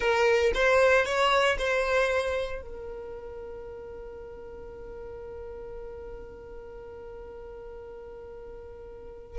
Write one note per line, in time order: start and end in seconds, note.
0.00 0.52 A#4
0.54 1.05 C5
1.05 1.57 C#5
1.58 2.61 C5
2.61 9.38 A#4